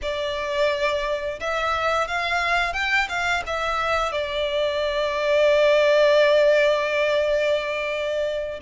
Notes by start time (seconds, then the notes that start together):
0.02 D5
1.39 E5
2.07 F5
2.73 G5
3.08 F5
3.46 E5
4.12 D5